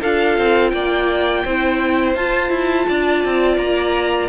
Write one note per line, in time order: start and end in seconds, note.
0.00 0.38 D4
0.00 1.47 F4
0.00 0.71 A4
0.00 0.70 F5
0.38 0.72 C4
0.70 1.44 A#3
0.70 1.44 D5
0.70 2.13 G5
1.44 2.14 C4
1.44 2.16 E4
1.44 2.87 C5
2.14 2.50 F4
2.14 4.29 F4
2.14 3.58 A5
2.50 2.86 E4
2.88 3.24 D4
2.88 4.29 D5
3.24 3.57 C4
3.57 4.29 A#3
3.57 4.29 A#5